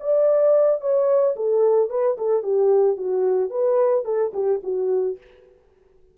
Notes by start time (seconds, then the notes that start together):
0.00 D5
0.81 C#5
1.36 A4
1.90 B4
2.17 A4
2.43 G4
2.97 F#4
3.50 B4
4.05 A4
4.34 G4
4.63 F#4